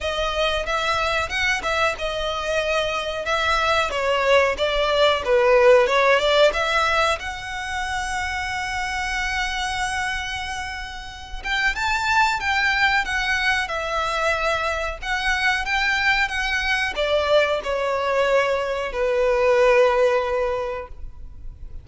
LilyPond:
\new Staff \with { instrumentName = "violin" } { \time 4/4 \tempo 4 = 92 dis''4 e''4 fis''8 e''8 dis''4~ | dis''4 e''4 cis''4 d''4 | b'4 cis''8 d''8 e''4 fis''4~ | fis''1~ |
fis''4. g''8 a''4 g''4 | fis''4 e''2 fis''4 | g''4 fis''4 d''4 cis''4~ | cis''4 b'2. | }